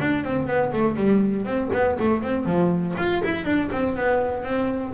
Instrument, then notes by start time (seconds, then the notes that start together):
double bass
0.00 D4
0.24 C4
0.47 B3
0.72 A3
0.96 G3
1.45 C4
1.73 B3
1.99 A3
2.22 C4
2.45 F3
2.98 F4
3.24 E4
3.44 D4
3.72 C4
3.96 B3
4.44 C4